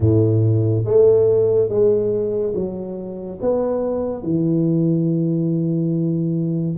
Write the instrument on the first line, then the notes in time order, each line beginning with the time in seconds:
tuba
0.00 A2
0.85 A3
1.69 G#3
2.54 F#3
3.41 B3
4.23 E3